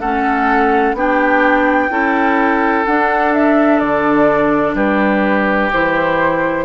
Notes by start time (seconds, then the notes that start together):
0.00 A3 C#4 A4 F#5
0.94 B3 D4 G4 G5
1.89 C#4 E4 A4
2.85 D4 F#5
3.34 E5
3.79 D3 D5
4.74 G3 G4 B4
5.73 E3 E4 C5